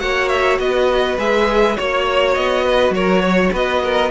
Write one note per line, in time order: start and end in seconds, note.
0.00 0.59 A#3
0.00 1.18 F#4
0.00 0.61 C#5
0.00 0.29 F#5
0.29 0.58 E5
0.59 1.18 B3
0.59 1.77 B4
0.59 1.18 D#5
1.19 1.77 G#3
1.19 1.78 G#4
1.19 1.77 E5
1.77 2.37 A#3
1.77 4.11 F#4
1.77 2.65 C#5
1.77 2.35 C#5
2.35 2.91 B3
2.35 2.94 D#5
2.65 2.95 B4
2.91 3.50 F#3
2.91 3.22 A#4
2.91 3.54 C#5
3.22 3.52 C#5
3.53 4.11 B3
3.53 3.83 B4
3.53 4.11 D#5
3.84 4.11 A#4